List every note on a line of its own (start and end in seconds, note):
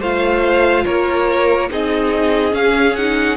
0.00 0.85 A3
0.00 1.70 F4
0.00 0.85 C5
0.00 0.85 F5
0.85 1.70 A#3
0.85 1.70 A#4
0.85 1.70 C#5
1.70 2.53 C4
1.70 2.51 D#4
1.70 3.37 G#4
1.70 2.55 D#5
2.51 2.93 C#4
2.51 3.37 C#4
2.51 2.95 F5
2.95 3.37 D#4
2.95 3.37 F#5